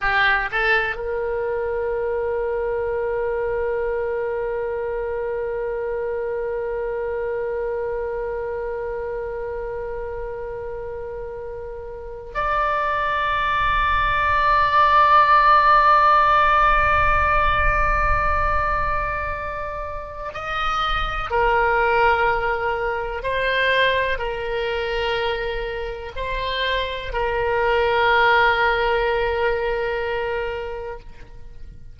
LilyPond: \new Staff \with { instrumentName = "oboe" } { \time 4/4 \tempo 4 = 62 g'8 a'8 ais'2.~ | ais'1~ | ais'1~ | ais'8. d''2.~ d''16~ |
d''1~ | d''4 dis''4 ais'2 | c''4 ais'2 c''4 | ais'1 | }